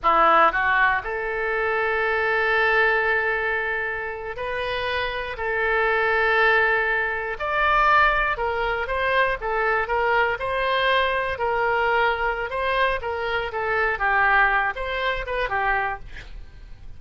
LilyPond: \new Staff \with { instrumentName = "oboe" } { \time 4/4 \tempo 4 = 120 e'4 fis'4 a'2~ | a'1~ | a'8. b'2 a'4~ a'16~ | a'2~ a'8. d''4~ d''16~ |
d''8. ais'4 c''4 a'4 ais'16~ | ais'8. c''2 ais'4~ ais'16~ | ais'4 c''4 ais'4 a'4 | g'4. c''4 b'8 g'4 | }